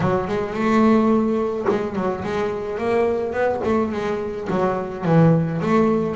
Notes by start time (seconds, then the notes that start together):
0.00 F#3
0.27 G#3
0.53 A3
1.68 G#3
1.95 F#3
2.24 G#3
2.78 A#3
3.32 B3
3.64 A3
3.92 G#3
4.49 F#3
5.04 E3
5.61 A3